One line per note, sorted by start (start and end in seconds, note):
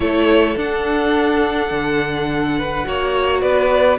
0.00 0.55 A3
0.00 0.56 E4
0.00 2.58 A4
0.00 0.57 C#5
0.56 1.70 D4
0.56 2.84 D4
0.56 3.41 F#5
1.70 2.85 D3
2.58 2.87 B4
2.84 3.42 A#3
2.84 3.98 F#4
2.84 3.41 C#5
3.41 3.98 B3
3.41 3.98 B4
3.41 3.98 D5